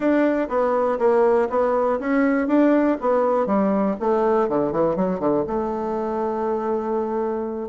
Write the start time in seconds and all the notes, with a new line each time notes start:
0.00 D4
0.48 B3
0.98 A#3
1.49 B3
1.99 C#4
2.47 D4
3.00 B3
3.46 G3
4.00 A3
4.48 D3
4.72 E3
4.96 F#3
5.19 D3
5.47 A3